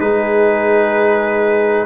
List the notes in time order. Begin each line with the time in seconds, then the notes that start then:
0.00 G#3 D#4 G#4 B4